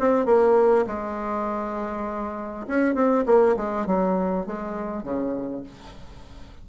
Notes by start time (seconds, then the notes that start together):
0.00 C4
0.26 A#3
0.87 G#3
2.67 C#4
2.95 C4
3.26 A#3
3.57 G#3
3.87 F#3
4.47 G#3
5.04 C#3